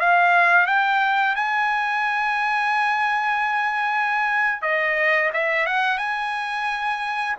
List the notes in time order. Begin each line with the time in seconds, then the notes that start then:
0.00 F5
0.67 G5
1.36 G#5
4.62 D#5
5.34 E5
5.66 F#5
5.98 G#5